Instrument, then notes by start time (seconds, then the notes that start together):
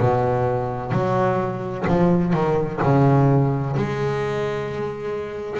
double bass
0.00 B2
0.92 F#3
1.88 F3
2.33 D#3
2.83 C#3
3.76 G#3